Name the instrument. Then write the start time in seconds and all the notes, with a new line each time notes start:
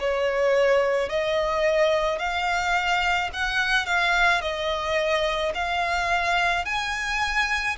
violin
0.00 C#5
1.10 D#5
2.19 F5
3.33 F#5
3.86 F5
4.41 D#5
5.55 F5
6.66 G#5